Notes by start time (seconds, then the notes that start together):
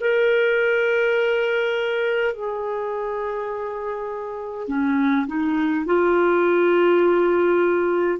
0.00 A#4
2.34 G#4
4.68 C#4
5.27 D#4
5.86 F4